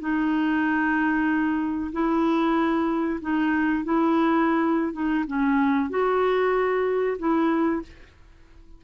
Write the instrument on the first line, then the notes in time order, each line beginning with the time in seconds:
clarinet
0.00 D#4
1.92 E4
3.21 D#4
3.84 E4
4.93 D#4
5.27 C#4
5.90 F#4
7.18 E4